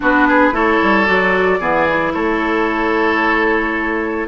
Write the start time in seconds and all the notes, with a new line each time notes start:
0.00 B3 D4 F#4 B4
0.28 G#4
0.52 A3 E4 A4 C#5
0.82 G3
1.05 F#3 F#4 D5
1.59 E3 B3 G#4
1.88 E4
2.13 A3 A4 C#5